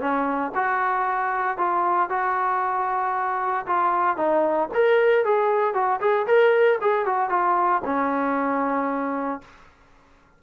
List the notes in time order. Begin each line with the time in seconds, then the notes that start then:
0.00 C#4
0.55 F#4
1.57 F4
2.10 F#4
3.67 F4
4.17 D#4
4.74 A#4
5.25 G#4
5.74 F#4
6.01 G#4
6.27 A#4
6.81 G#4
7.06 F#4
7.30 F4
7.85 C#4